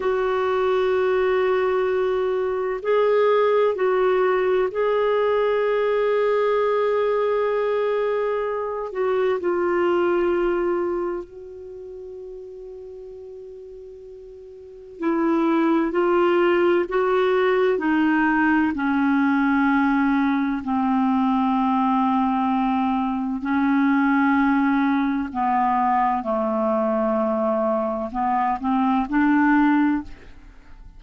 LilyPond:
\new Staff \with { instrumentName = "clarinet" } { \time 4/4 \tempo 4 = 64 fis'2. gis'4 | fis'4 gis'2.~ | gis'4. fis'8 f'2 | fis'1 |
e'4 f'4 fis'4 dis'4 | cis'2 c'2~ | c'4 cis'2 b4 | a2 b8 c'8 d'4 | }